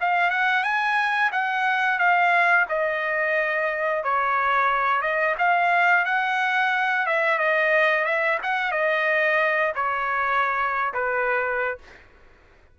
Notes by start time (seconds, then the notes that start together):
0.00 F5
0.30 F#5
0.63 G#5
1.32 F#5
1.98 F5
2.68 D#5
4.03 C#5
5.01 D#5
5.38 F5
6.05 F#5
7.06 E5
7.38 D#5
8.04 E5
8.42 F#5
8.71 D#5
9.75 C#5
10.93 B4